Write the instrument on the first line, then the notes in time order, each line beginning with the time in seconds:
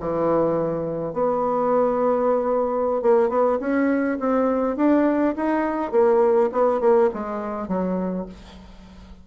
bassoon
0.00 E3
1.13 B3
3.02 A#3
3.29 B3
3.60 C#4
4.19 C4
4.76 D4
5.36 D#4
5.92 A#3
6.52 B3
6.80 A#3
7.14 G#3
7.68 F#3